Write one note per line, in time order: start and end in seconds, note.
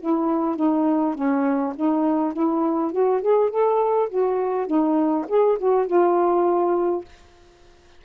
0.00 0.56 E4
0.56 1.15 D#4
1.15 1.74 C#4
1.76 2.33 D#4
2.33 2.92 E4
2.92 3.21 F#4
3.21 3.50 G#4
3.50 4.09 A4
4.09 4.67 F#4
4.67 5.26 D#4
5.28 5.58 G#4
5.58 5.87 F#4
5.87 7.04 F4